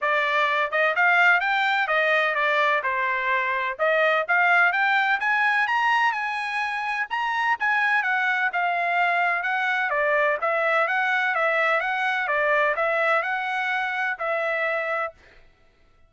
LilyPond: \new Staff \with { instrumentName = "trumpet" } { \time 4/4 \tempo 4 = 127 d''4. dis''8 f''4 g''4 | dis''4 d''4 c''2 | dis''4 f''4 g''4 gis''4 | ais''4 gis''2 ais''4 |
gis''4 fis''4 f''2 | fis''4 d''4 e''4 fis''4 | e''4 fis''4 d''4 e''4 | fis''2 e''2 | }